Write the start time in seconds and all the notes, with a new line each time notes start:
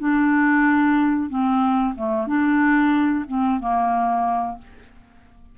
0.00 D4
1.30 C4
1.96 A3
2.27 D4
3.28 C4
3.61 A#3